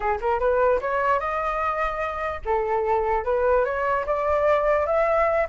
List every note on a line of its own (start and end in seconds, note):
0.00 0.18 G#4
0.20 0.39 A#4
0.39 0.80 B4
0.81 1.19 C#5
1.19 2.41 D#5
2.45 3.24 A4
3.24 3.64 B4
3.64 4.05 C#5
4.06 4.86 D5
4.86 5.47 E5